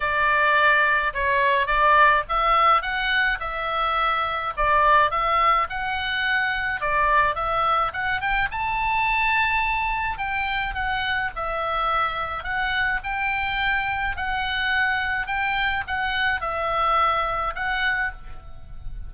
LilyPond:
\new Staff \with { instrumentName = "oboe" } { \time 4/4 \tempo 4 = 106 d''2 cis''4 d''4 | e''4 fis''4 e''2 | d''4 e''4 fis''2 | d''4 e''4 fis''8 g''8 a''4~ |
a''2 g''4 fis''4 | e''2 fis''4 g''4~ | g''4 fis''2 g''4 | fis''4 e''2 fis''4 | }